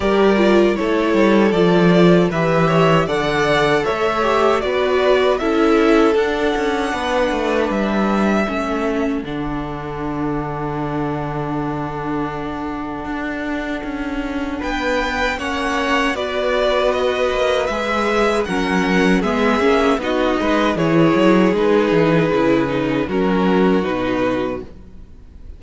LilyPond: <<
  \new Staff \with { instrumentName = "violin" } { \time 4/4 \tempo 4 = 78 d''4 cis''4 d''4 e''4 | fis''4 e''4 d''4 e''4 | fis''2 e''2 | fis''1~ |
fis''2. g''4 | fis''4 d''4 dis''4 e''4 | fis''4 e''4 dis''4 cis''4 | b'2 ais'4 b'4 | }
  \new Staff \with { instrumentName = "violin" } { \time 4/4 ais'4 a'2 b'8 cis''8 | d''4 cis''4 b'4 a'4~ | a'4 b'2 a'4~ | a'1~ |
a'2. b'4 | cis''4 b'2. | ais'4 gis'4 fis'8 b'8 gis'4~ | gis'2 fis'2 | }
  \new Staff \with { instrumentName = "viola" } { \time 4/4 g'8 f'8 e'4 f'4 g'4 | a'4. g'8 fis'4 e'4 | d'2. cis'4 | d'1~ |
d'1 | cis'4 fis'2 gis'4 | cis'4 b8 cis'8 dis'4 e'4 | dis'4 e'8 dis'8 cis'4 dis'4 | }
  \new Staff \with { instrumentName = "cello" } { \time 4/4 g4 a8 g8 f4 e4 | d4 a4 b4 cis'4 | d'8 cis'8 b8 a8 g4 a4 | d1~ |
d4 d'4 cis'4 b4 | ais4 b4. ais8 gis4 | fis4 gis8 ais8 b8 gis8 e8 fis8 | gis8 e8 cis4 fis4 b,4 | }
>>